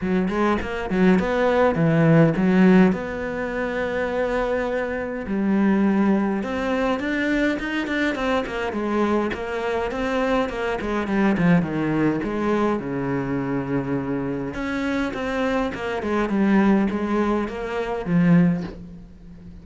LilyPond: \new Staff \with { instrumentName = "cello" } { \time 4/4 \tempo 4 = 103 fis8 gis8 ais8 fis8 b4 e4 | fis4 b2.~ | b4 g2 c'4 | d'4 dis'8 d'8 c'8 ais8 gis4 |
ais4 c'4 ais8 gis8 g8 f8 | dis4 gis4 cis2~ | cis4 cis'4 c'4 ais8 gis8 | g4 gis4 ais4 f4 | }